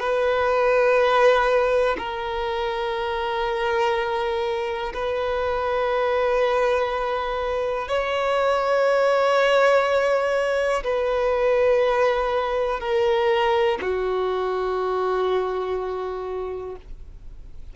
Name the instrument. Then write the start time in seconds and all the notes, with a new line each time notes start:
violin
0.00 B4
1.99 A#4
4.94 B4
7.89 C#5
10.84 B4
12.80 A#4
13.82 F#4